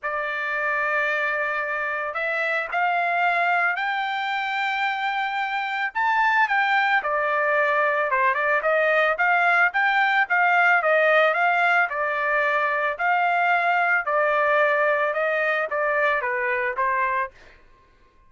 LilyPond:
\new Staff \with { instrumentName = "trumpet" } { \time 4/4 \tempo 4 = 111 d''1 | e''4 f''2 g''4~ | g''2. a''4 | g''4 d''2 c''8 d''8 |
dis''4 f''4 g''4 f''4 | dis''4 f''4 d''2 | f''2 d''2 | dis''4 d''4 b'4 c''4 | }